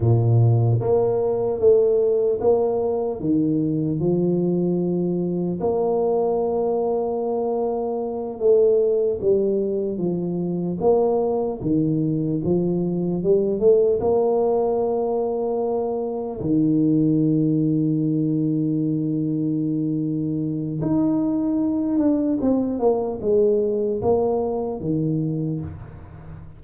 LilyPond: \new Staff \with { instrumentName = "tuba" } { \time 4/4 \tempo 4 = 75 ais,4 ais4 a4 ais4 | dis4 f2 ais4~ | ais2~ ais8 a4 g8~ | g8 f4 ais4 dis4 f8~ |
f8 g8 a8 ais2~ ais8~ | ais8 dis2.~ dis8~ | dis2 dis'4. d'8 | c'8 ais8 gis4 ais4 dis4 | }